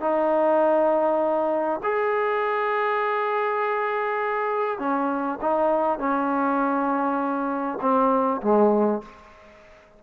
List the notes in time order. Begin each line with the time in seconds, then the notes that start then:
0.00 D#4
1.83 G#4
4.78 C#4
5.41 D#4
5.98 C#4
7.81 C4
8.42 G#3